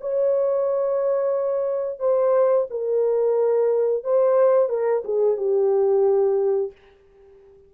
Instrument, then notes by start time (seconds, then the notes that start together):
horn
0.00 C#5
1.99 C5
2.70 A#4
4.03 C5
4.69 A#4
5.04 G#4
5.37 G4